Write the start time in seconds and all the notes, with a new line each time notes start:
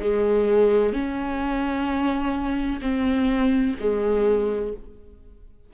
0.00 G#3
0.93 C#4
2.82 C4
3.80 G#3